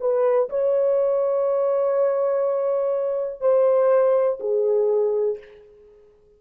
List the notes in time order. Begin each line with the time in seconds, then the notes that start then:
0.00 B4
0.50 C#5
3.41 C5
4.39 G#4